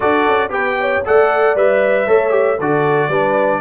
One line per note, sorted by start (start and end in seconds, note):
0.00 0.27 D4
0.00 0.49 F#4
0.00 0.51 A4
0.00 0.52 D5
0.27 0.49 C#4
0.49 1.01 B3
0.49 1.01 G4
0.49 0.78 B4
0.49 1.04 G5
0.80 1.06 C#5
1.05 1.55 A3
1.05 1.56 A4
1.05 2.06 D5
1.05 1.57 F#5
1.55 2.07 G3
1.55 2.07 B4
1.55 2.60 E5
2.06 2.59 A3
2.06 2.30 A4
2.06 2.57 C#5
2.30 2.55 G4
2.57 3.08 D3
2.57 3.11 F#4
2.57 3.08 A4
2.57 3.61 D5
3.08 3.60 G3
3.08 3.61 D4
3.08 3.60 B4